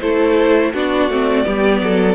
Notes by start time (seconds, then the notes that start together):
0.00 A3 E4 A4 C5
0.74 B3 D4 F#4 D5
1.09 A3 C4
1.44 G3 B3 G4
1.82 F#3 A4